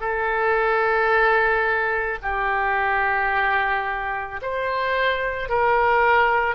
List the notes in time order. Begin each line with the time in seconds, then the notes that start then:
0.00 A4
2.22 G4
4.42 C5
5.49 A#4